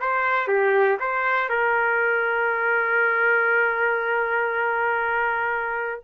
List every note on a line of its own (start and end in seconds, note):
0.00 0.48 C5
0.48 0.98 G4
1.00 1.49 C5
1.49 6.03 A#4